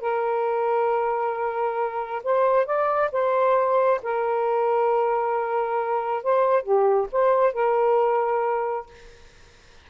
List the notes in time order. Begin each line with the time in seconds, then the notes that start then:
0.00 A#4
2.23 C5
2.65 D5
3.12 C5
4.03 A#4
6.23 C5
6.62 G4
7.12 C5
7.53 A#4